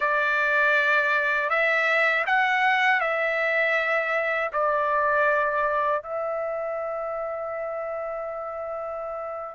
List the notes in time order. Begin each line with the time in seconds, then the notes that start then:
0.00 D5
1.49 E5
2.26 F#5
3.00 E5
4.52 D5
6.02 E5